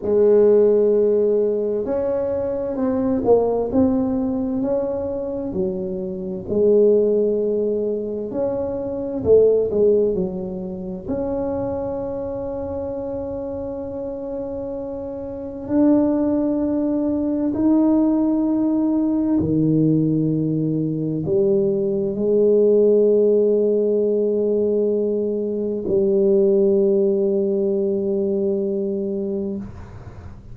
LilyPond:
\new Staff \with { instrumentName = "tuba" } { \time 4/4 \tempo 4 = 65 gis2 cis'4 c'8 ais8 | c'4 cis'4 fis4 gis4~ | gis4 cis'4 a8 gis8 fis4 | cis'1~ |
cis'4 d'2 dis'4~ | dis'4 dis2 g4 | gis1 | g1 | }